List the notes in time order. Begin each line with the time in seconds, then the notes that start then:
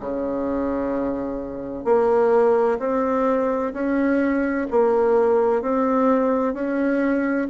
0.00 C#3
1.84 A#3
2.79 C4
3.73 C#4
4.70 A#3
5.61 C4
6.53 C#4